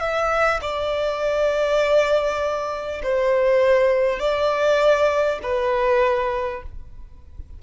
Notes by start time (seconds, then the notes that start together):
0.00 E5
0.61 D5
3.03 C5
4.19 D5
5.42 B4